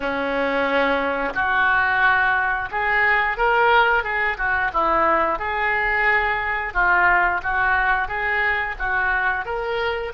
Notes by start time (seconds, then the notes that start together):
0.00 C#4
1.34 F#4
2.71 G#4
3.37 A#4
4.03 G#4
4.37 F#4
4.73 E4
5.38 G#4
6.73 F4
7.42 F#4
8.07 G#4
8.78 F#4
9.45 A#4